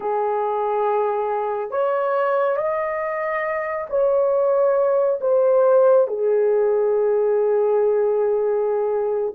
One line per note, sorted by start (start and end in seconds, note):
0.00 1.70 G#4
1.70 2.57 C#5
2.57 3.87 D#5
3.89 5.20 C#5
5.20 6.07 C5
6.07 9.33 G#4